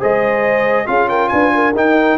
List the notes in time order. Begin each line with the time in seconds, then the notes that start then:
0.00 G#3 G#4 C5 D#5
0.85 C#4 F4 G#4 F5
1.09 A#4 G5
1.28 D4 B4 G#5
1.54 A#4
1.74 D#4 G5